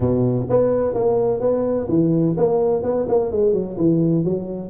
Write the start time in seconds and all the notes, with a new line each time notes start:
0.00 B2
0.49 B3
0.94 A#3
1.40 B3
1.88 E3
2.37 A#3
2.83 B3
3.08 A#3
3.31 G#3
3.53 F#3
3.77 E3
4.24 F#3